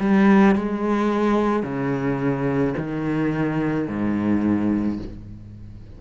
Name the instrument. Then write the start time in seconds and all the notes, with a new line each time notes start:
cello
0.00 G3
0.56 G#3
1.63 C#3
2.78 D#3
3.88 G#2